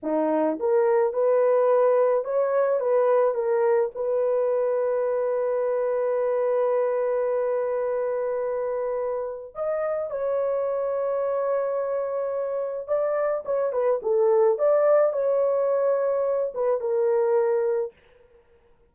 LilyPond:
\new Staff \with { instrumentName = "horn" } { \time 4/4 \tempo 4 = 107 dis'4 ais'4 b'2 | cis''4 b'4 ais'4 b'4~ | b'1~ | b'1~ |
b'4 dis''4 cis''2~ | cis''2. d''4 | cis''8 b'8 a'4 d''4 cis''4~ | cis''4. b'8 ais'2 | }